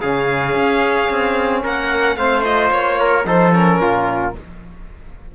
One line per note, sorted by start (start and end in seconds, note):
0.00 0.55 C#3
0.00 2.18 C#4
0.00 1.62 G#4
0.00 1.62 F5
0.55 1.09 C#4
1.10 1.64 C4
1.63 2.16 A#3
1.63 2.17 A#4
1.63 2.16 F#5
2.16 2.70 A3
2.16 2.43 C4
2.16 2.99 C5
2.16 2.43 F5
2.43 3.24 F4
2.43 2.70 D#5
2.71 3.25 A#3
2.71 3.25 C#5
2.99 3.26 A#4
3.25 3.79 F3
3.25 3.52 D#4
3.25 3.81 A4
3.25 3.53 C5
3.52 4.33 C#4
3.52 4.34 A#4
3.80 4.34 A#2
3.80 4.35 F4